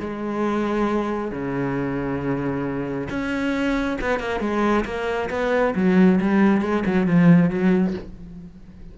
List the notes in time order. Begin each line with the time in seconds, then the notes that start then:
0.00 G#3
1.32 C#3
3.10 C#4
4.01 B3
4.20 A#3
4.41 G#3
4.85 A#3
5.30 B3
5.76 F#3
6.21 G3
6.62 G#3
6.86 F#3
7.07 F3
7.50 F#3